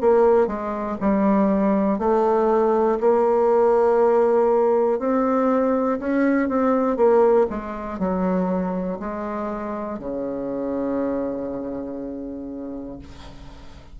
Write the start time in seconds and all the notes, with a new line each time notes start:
0.00 A#3
0.47 G#3
1.00 G3
1.99 A3
3.00 A#3
4.99 C4
5.99 C#4
6.49 C4
6.96 A#3
7.50 G#3
7.99 F#3
8.99 G#3
9.99 C#3